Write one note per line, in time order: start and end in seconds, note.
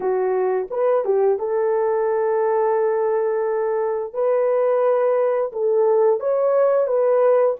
0.00 0.67 F#4
0.70 1.04 B4
1.05 1.38 G4
1.38 4.13 A4
4.13 5.51 B4
5.52 6.19 A4
6.19 6.87 C#5
6.87 7.55 B4